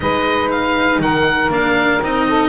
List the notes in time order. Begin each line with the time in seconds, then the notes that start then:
0.00 G#3 D#4 B4 D#5
0.50 F5
0.99 D#3 A#4 F#5
1.49 A#3 D4 F5
2.02 C4 D#4 D#5
2.28 A4